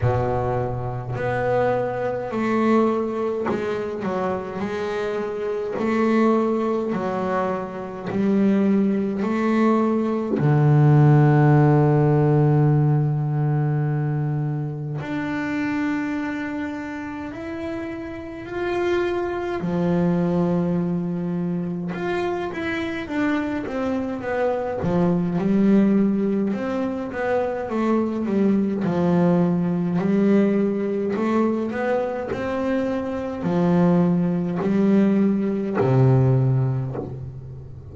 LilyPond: \new Staff \with { instrumentName = "double bass" } { \time 4/4 \tempo 4 = 52 b,4 b4 a4 gis8 fis8 | gis4 a4 fis4 g4 | a4 d2.~ | d4 d'2 e'4 |
f'4 f2 f'8 e'8 | d'8 c'8 b8 f8 g4 c'8 b8 | a8 g8 f4 g4 a8 b8 | c'4 f4 g4 c4 | }